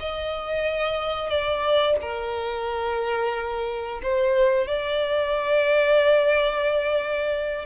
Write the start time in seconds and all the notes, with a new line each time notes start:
0.00 D#5
1.30 D5
2.02 A#4
4.03 C5
4.67 D5